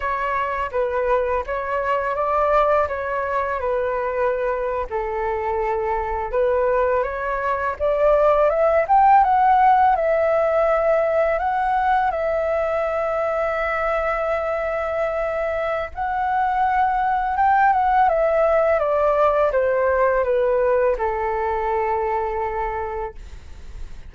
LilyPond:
\new Staff \with { instrumentName = "flute" } { \time 4/4 \tempo 4 = 83 cis''4 b'4 cis''4 d''4 | cis''4 b'4.~ b'16 a'4~ a'16~ | a'8. b'4 cis''4 d''4 e''16~ | e''16 g''8 fis''4 e''2 fis''16~ |
fis''8. e''2.~ e''16~ | e''2 fis''2 | g''8 fis''8 e''4 d''4 c''4 | b'4 a'2. | }